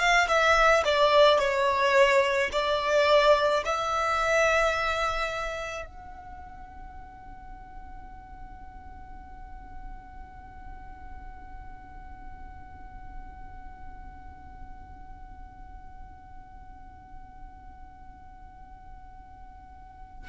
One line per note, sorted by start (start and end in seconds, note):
0.00 0.28 F5
0.28 0.84 E5
0.85 1.39 D5
1.39 2.51 C#5
2.53 3.64 D5
3.66 5.86 E5
5.86 20.29 F#5